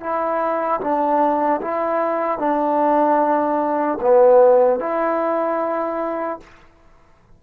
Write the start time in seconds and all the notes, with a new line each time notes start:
0.00 E4
0.81 D4
1.61 E4
2.39 D4
4.01 B3
4.80 E4